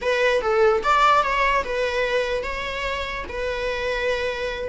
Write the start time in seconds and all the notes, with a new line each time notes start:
0.01 B4
0.41 A4
0.83 D5
1.23 C#5
1.64 B4
2.43 C#5
3.28 B4